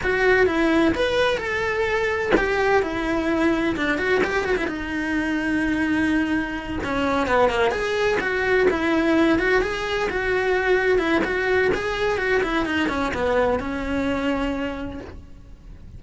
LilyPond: \new Staff \with { instrumentName = "cello" } { \time 4/4 \tempo 4 = 128 fis'4 e'4 b'4 a'4~ | a'4 g'4 e'2 | d'8 fis'8 g'8 fis'16 e'16 dis'2~ | dis'2~ dis'8 cis'4 b8 |
ais8 gis'4 fis'4 e'4. | fis'8 gis'4 fis'2 e'8 | fis'4 gis'4 fis'8 e'8 dis'8 cis'8 | b4 cis'2. | }